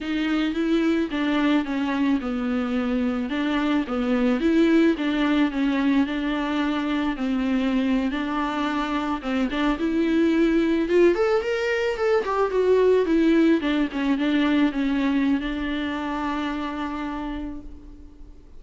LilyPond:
\new Staff \with { instrumentName = "viola" } { \time 4/4 \tempo 4 = 109 dis'4 e'4 d'4 cis'4 | b2 d'4 b4 | e'4 d'4 cis'4 d'4~ | d'4 c'4.~ c'16 d'4~ d'16~ |
d'8. c'8 d'8 e'2 f'16~ | f'16 a'8 ais'4 a'8 g'8 fis'4 e'16~ | e'8. d'8 cis'8 d'4 cis'4~ cis'16 | d'1 | }